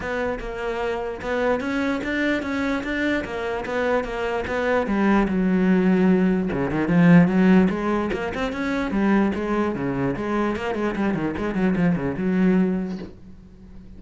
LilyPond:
\new Staff \with { instrumentName = "cello" } { \time 4/4 \tempo 4 = 148 b4 ais2 b4 | cis'4 d'4 cis'4 d'4 | ais4 b4 ais4 b4 | g4 fis2. |
cis8 dis8 f4 fis4 gis4 | ais8 c'8 cis'4 g4 gis4 | cis4 gis4 ais8 gis8 g8 dis8 | gis8 fis8 f8 cis8 fis2 | }